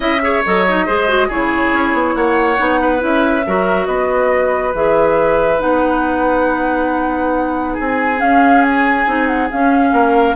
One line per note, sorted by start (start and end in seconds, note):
0.00 0.42 C#4
0.00 0.18 E4
0.00 0.21 D#5
0.00 0.43 E5
0.21 0.43 G#4
0.21 0.86 C#5
0.45 0.87 F#3
0.45 0.67 A4
0.45 1.30 D#5
0.67 0.87 D#4
0.86 1.29 G#3
0.86 1.08 G#4
0.86 1.28 C5
1.08 1.29 F#4
1.28 1.72 C#3
1.28 2.57 E4
1.28 2.14 G#4
1.28 2.15 C#5
1.73 1.93 C#4
1.93 2.14 B3
2.15 2.58 A#3
2.15 2.80 C#5
2.15 3.02 F#5
2.57 3.02 B3
2.57 2.98 D#4
2.80 3.45 B4
2.98 3.46 C#4
2.98 3.41 E4
2.98 3.86 E5
3.46 3.87 F#3
3.46 4.74 F#4
3.46 3.87 A#4
3.86 4.73 B3
3.86 7.72 B4
3.86 4.72 D#5
4.73 5.60 E3
4.73 5.58 G#4
4.73 5.60 E5
5.58 7.78 B3
5.58 8.17 D#4
5.58 7.76 F#5
7.72 9.88 G#4
7.79 8.21 C4
7.79 8.20 G#5
8.17 9.03 C#4
8.17 9.06 C#4
8.17 8.63 F5
8.63 9.27 G#5
9.06 9.49 C4
9.06 9.49 D#4
9.27 9.48 F#5
9.50 10.36 C#4
9.50 9.92 C#4
9.50 10.36 F5
9.92 10.35 A#3
9.92 10.36 A#4